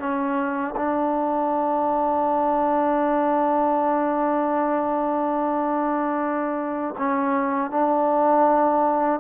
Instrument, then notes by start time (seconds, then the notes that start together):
trombone
0.00 C#4
0.77 D4
6.98 C#4
7.71 D4